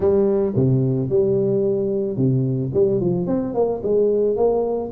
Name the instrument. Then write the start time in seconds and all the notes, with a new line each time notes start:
tuba
0.00 G3
0.55 C3
1.09 G3
2.16 C3
2.73 G3
3.00 F3
3.26 C4
3.54 A#3
3.83 G#3
4.36 A#3